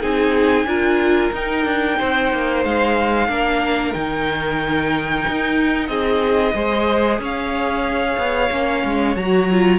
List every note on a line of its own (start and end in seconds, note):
0.00 0.64 C4
0.00 0.66 D#4
0.00 0.65 G#4
0.00 1.32 G#5
0.64 1.29 D4
0.64 1.32 F4
0.64 1.98 A#4
1.32 1.65 D#4
1.32 3.29 D#4
1.32 2.64 G5
1.65 1.97 D4
1.98 2.32 C4
1.98 3.28 C5
2.32 2.64 A#3
2.64 3.28 G#3
2.64 3.93 F5
3.28 3.93 A#3
3.28 3.94 D4
3.28 5.89 A#4
3.93 5.25 D#3
3.93 6.54 D#4
3.93 5.86 G5
5.27 5.88 D#4
5.86 6.53 C4
5.86 6.54 G#4
5.86 7.17 D#5
6.54 7.18 G#3
6.54 8.50 G#4
6.54 7.20 C5
7.18 8.16 C#4
7.18 9.79 C#5
7.18 9.16 F5
8.17 8.50 B3
8.51 8.83 A#3
8.51 9.16 C#4
8.84 9.16 G#3
9.16 9.79 F#3
9.16 9.50 F#4
9.16 9.79 A#5
9.51 9.79 F4